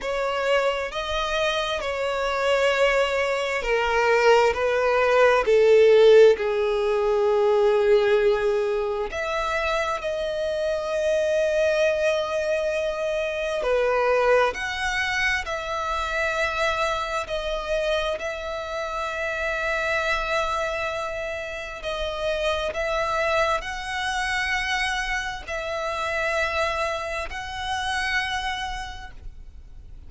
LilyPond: \new Staff \with { instrumentName = "violin" } { \time 4/4 \tempo 4 = 66 cis''4 dis''4 cis''2 | ais'4 b'4 a'4 gis'4~ | gis'2 e''4 dis''4~ | dis''2. b'4 |
fis''4 e''2 dis''4 | e''1 | dis''4 e''4 fis''2 | e''2 fis''2 | }